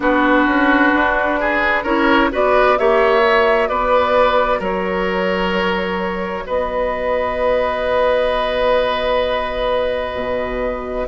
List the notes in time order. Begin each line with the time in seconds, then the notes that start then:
0.00 B3 D4 F#4 B4
0.46 C#4
0.93 D4
1.39 G#4
1.83 C#4 E4 A#4 C#5
2.31 B3 F#4 B4 D5
2.78 A#3 G4 C#5 E5
3.21 F#4
3.68 B3 B4 D5
4.59 F#3 A#4 C#5
6.46 B3 B4 D#5
10.14 B2